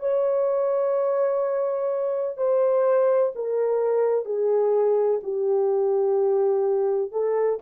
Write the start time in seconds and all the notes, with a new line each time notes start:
0.00 C#5
2.38 C5
3.36 A#4
4.26 G#4
5.24 G4
7.12 A4